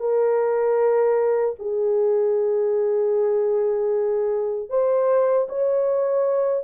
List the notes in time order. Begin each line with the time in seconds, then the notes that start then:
0.00 A#4
1.60 G#4
4.70 C5
5.49 C#5